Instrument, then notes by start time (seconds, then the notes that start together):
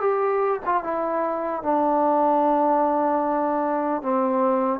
trombone
0.00 G4
0.65 F4
0.83 E4
1.62 D4
4.02 C4